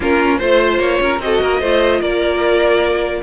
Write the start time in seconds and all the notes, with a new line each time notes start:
0.00 A#3 C#4 F4 A#4
0.38 A3 F4 C5
0.79 A#3 C#5
1.00 C#4 A#4
1.19 C4 F#4 D#5
1.25 A4
1.41 A#3 A#4
1.60 A3 F4 C5
2.00 A#3 A#4 D5